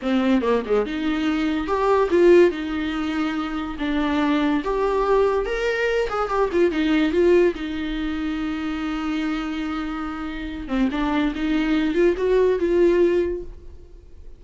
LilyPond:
\new Staff \with { instrumentName = "viola" } { \time 4/4 \tempo 4 = 143 c'4 ais8 gis8 dis'2 | g'4 f'4 dis'2~ | dis'4 d'2 g'4~ | g'4 ais'4. gis'8 g'8 f'8 |
dis'4 f'4 dis'2~ | dis'1~ | dis'4. c'8 d'4 dis'4~ | dis'8 f'8 fis'4 f'2 | }